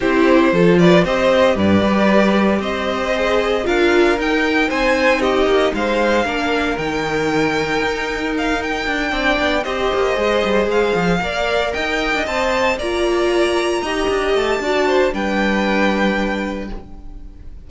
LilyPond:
<<
  \new Staff \with { instrumentName = "violin" } { \time 4/4 \tempo 4 = 115 c''4. d''8 dis''4 d''4~ | d''4 dis''2 f''4 | g''4 gis''4 dis''4 f''4~ | f''4 g''2. |
f''8 g''2 dis''4.~ | dis''8 f''2 g''4 a''8~ | a''8 ais''2. a''8~ | a''4 g''2. | }
  \new Staff \with { instrumentName = "violin" } { \time 4/4 g'4 a'8 b'8 c''4 b'4~ | b'4 c''2 ais'4~ | ais'4 c''4 g'4 c''4 | ais'1~ |
ais'4. d''4 c''4.~ | c''4. d''4 dis''4.~ | dis''8 d''2 dis''4. | d''8 c''8 b'2. | }
  \new Staff \with { instrumentName = "viola" } { \time 4/4 e'4 f'4 g'2~ | g'2 gis'4 f'4 | dis'1 | d'4 dis'2.~ |
dis'4. d'4 g'4 gis'8~ | gis'4. ais'2 c''8~ | c''8 f'2 g'4. | fis'4 d'2. | }
  \new Staff \with { instrumentName = "cello" } { \time 4/4 c'4 f4 c'4 g,8 g8~ | g4 c'2 d'4 | dis'4 c'4. ais8 gis4 | ais4 dis2 dis'4~ |
dis'4 d'8 c'8 b8 c'8 ais8 gis8 | g8 gis8 f8 ais4 dis'8. d'16 c'8~ | c'8 ais2 dis'8 d'8 a8 | d'4 g2. | }
>>